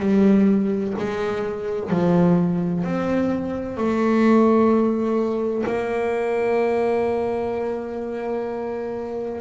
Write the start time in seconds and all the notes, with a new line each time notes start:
0.00 G3
0.98 G#3
1.90 F3
2.84 C4
3.77 A3
5.66 A#3